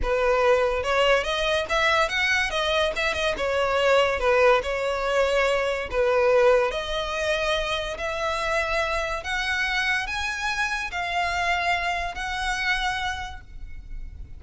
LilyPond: \new Staff \with { instrumentName = "violin" } { \time 4/4 \tempo 4 = 143 b'2 cis''4 dis''4 | e''4 fis''4 dis''4 e''8 dis''8 | cis''2 b'4 cis''4~ | cis''2 b'2 |
dis''2. e''4~ | e''2 fis''2 | gis''2 f''2~ | f''4 fis''2. | }